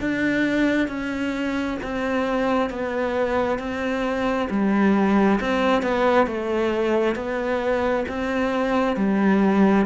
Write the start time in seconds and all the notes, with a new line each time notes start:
0.00 D4
0.88 C#4
1.82 C4
2.70 B3
3.59 C4
4.50 G3
5.40 C4
5.82 B3
6.26 A3
7.16 B3
8.08 C4
8.96 G3